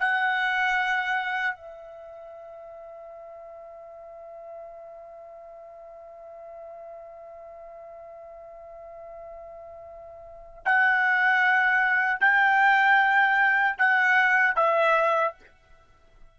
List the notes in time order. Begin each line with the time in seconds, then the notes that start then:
0.00 F#5
1.55 E5
10.65 F#5
12.21 G5
13.78 F#5
14.56 E5